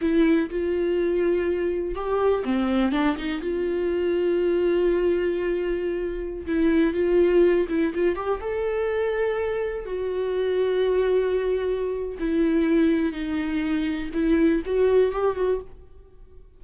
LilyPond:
\new Staff \with { instrumentName = "viola" } { \time 4/4 \tempo 4 = 123 e'4 f'2. | g'4 c'4 d'8 dis'8 f'4~ | f'1~ | f'4~ f'16 e'4 f'4. e'16~ |
e'16 f'8 g'8 a'2~ a'8.~ | a'16 fis'2.~ fis'8.~ | fis'4 e'2 dis'4~ | dis'4 e'4 fis'4 g'8 fis'8 | }